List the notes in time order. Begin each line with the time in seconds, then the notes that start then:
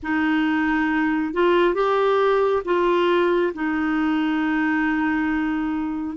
0.02 D#4
1.33 F4
1.74 G4
2.65 F4
3.53 D#4